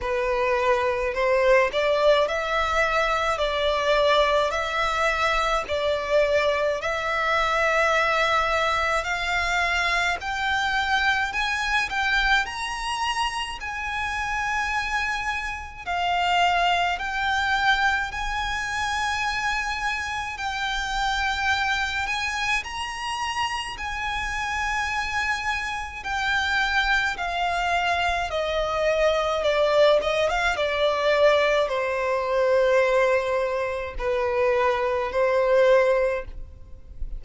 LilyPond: \new Staff \with { instrumentName = "violin" } { \time 4/4 \tempo 4 = 53 b'4 c''8 d''8 e''4 d''4 | e''4 d''4 e''2 | f''4 g''4 gis''8 g''8 ais''4 | gis''2 f''4 g''4 |
gis''2 g''4. gis''8 | ais''4 gis''2 g''4 | f''4 dis''4 d''8 dis''16 f''16 d''4 | c''2 b'4 c''4 | }